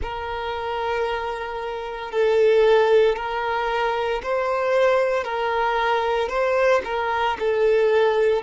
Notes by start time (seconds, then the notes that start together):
0.02 A#4
2.11 A4
3.16 A#4
4.22 C5
5.23 A#4
6.29 C5
6.84 A#4
7.39 A4